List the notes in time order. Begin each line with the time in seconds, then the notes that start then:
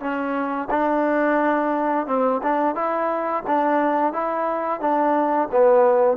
0.00 C#4
0.70 D4
2.07 C4
2.43 D4
2.75 E4
3.47 D4
4.12 E4
4.80 D4
5.52 B3